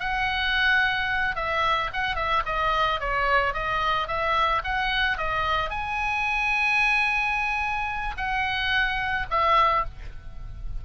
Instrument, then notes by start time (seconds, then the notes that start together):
oboe
0.00 F#5
1.36 E5
1.94 F#5
2.16 E5
2.46 D#5
3.00 C#5
3.54 D#5
4.08 E5
4.65 F#5
5.18 D#5
5.70 G#5
8.18 F#5
9.31 E5